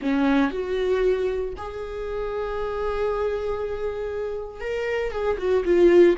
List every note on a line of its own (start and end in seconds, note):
0.01 0.51 C#4
0.51 1.53 F#4
1.57 4.60 G#4
4.60 5.11 A#4
5.11 5.37 G#4
5.38 5.63 F#4
5.64 6.16 F4